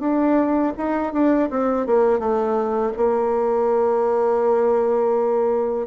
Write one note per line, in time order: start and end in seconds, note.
0.00 0.73 D4
0.78 1.13 D#4
1.13 1.50 D4
1.51 1.87 C4
1.87 2.20 A#3
2.20 2.93 A3
2.97 5.88 A#3